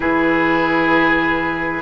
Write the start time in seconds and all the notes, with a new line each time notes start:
0.00 E3 E4 G#4 B4